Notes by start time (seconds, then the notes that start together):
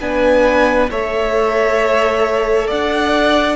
0.00 B3 D4 B4 G#5
0.90 A3 A4 C#5 E5
2.67 D4 D5 F#5